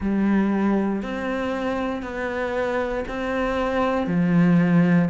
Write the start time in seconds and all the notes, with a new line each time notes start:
0.00 G3
1.02 C4
2.02 B3
3.07 C4
4.07 F3